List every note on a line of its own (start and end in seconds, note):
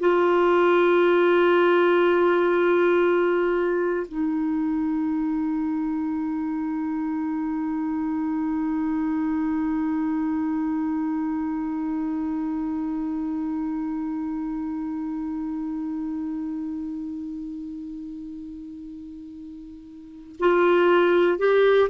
0.00 4.07 F4
4.09 20.36 D#4
20.40 21.39 F4
21.39 21.90 G4